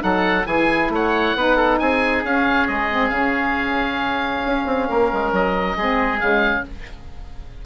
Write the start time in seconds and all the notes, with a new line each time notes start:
0.00 F#3 D#4 A4 F#5
0.45 E3 E4 G#4 G#5
0.89 A3 C#5 F#5
1.35 B3 D#4 B4
1.56 A4
1.78 C4 G#4 G#5
2.23 C#4 F5
2.67 G#3 D#5
2.91 C4
3.09 C#3 C#4 F5
4.45 C#4
4.65 C4
4.88 A#3 A#4
5.13 G#3
5.32 F#3 D#5
5.77 G#3 C4 G#4
6.19 C#3 G#3 F5